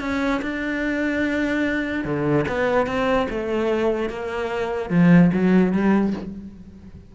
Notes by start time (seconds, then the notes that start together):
0.00 C#4
0.42 D4
2.04 D3
2.48 B3
2.86 C4
3.30 A3
4.09 A#3
4.90 F3
5.33 F#3
5.73 G3